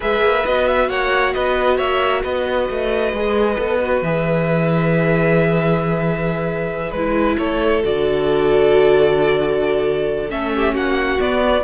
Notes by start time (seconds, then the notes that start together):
0.00 G#3 G#4 B4 E5
0.21 A#3
0.46 B3 F#4 D#5
0.67 E5
0.89 A#3 C#5 F#5
1.33 B3 B4 D#5
1.77 A#3 C#5 E5
2.22 B3 B4 D#5
2.69 A3
3.12 G#3 G#4
3.57 B3 A4
3.81 F#4
4.01 E3 G#4 E5
6.91 G#3 E4 B4
7.38 A3 A4 C#5
7.83 D3 F#4 D5
10.28 A3 C#4 E5
10.55 G4
10.73 A#3 F#4 F#5
11.19 B3 D5